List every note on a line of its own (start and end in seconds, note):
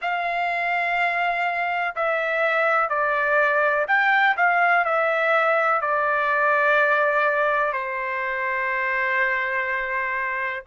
0.01 1.94 F5
1.95 2.89 E5
2.89 3.86 D5
3.87 4.35 G5
4.36 4.84 F5
4.84 5.81 E5
5.81 7.72 D5
7.72 10.63 C5